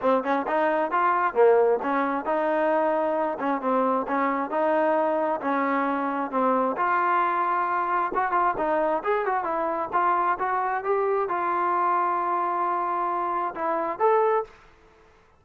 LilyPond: \new Staff \with { instrumentName = "trombone" } { \time 4/4 \tempo 4 = 133 c'8 cis'8 dis'4 f'4 ais4 | cis'4 dis'2~ dis'8 cis'8 | c'4 cis'4 dis'2 | cis'2 c'4 f'4~ |
f'2 fis'8 f'8 dis'4 | gis'8 fis'8 e'4 f'4 fis'4 | g'4 f'2.~ | f'2 e'4 a'4 | }